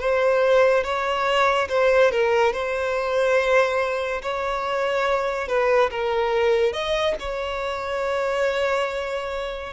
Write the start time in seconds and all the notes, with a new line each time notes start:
0.00 C5
0.84 C#5
1.69 C5
2.11 A#4
2.53 C5
4.22 C#5
5.48 B4
5.90 A#4
6.73 D#5
7.19 C#5